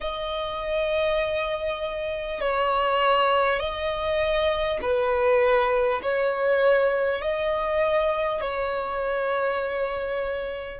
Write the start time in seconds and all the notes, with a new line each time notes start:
0.01 D#5
2.41 C#5
3.59 D#5
4.81 B4
6.02 C#5
7.21 D#5
8.41 C#5